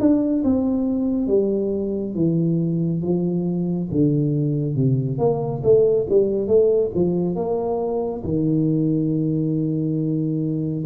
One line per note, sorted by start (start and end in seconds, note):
0.00 0.43 D4
0.44 1.28 C4
1.28 2.15 G3
2.15 3.02 E3
3.02 3.89 F3
3.92 4.76 D3
4.76 5.19 C3
5.19 5.62 A#3
5.64 6.07 A3
6.10 6.47 G3
6.47 6.91 A3
6.95 7.36 F3
7.36 8.23 A#3
8.24 10.85 D#3